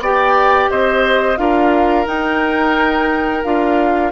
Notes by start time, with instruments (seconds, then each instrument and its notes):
0.00 bassoon B3, clarinet G4, oboe D5, flute G5
0.71 bassoon C4, oboe C5, flute D#5
1.38 bassoon D4, clarinet F4, oboe A#4, flute F5
2.07 bassoon D#4, clarinet D#4, flute G5
3.44 bassoon D4, clarinet F4, flute F5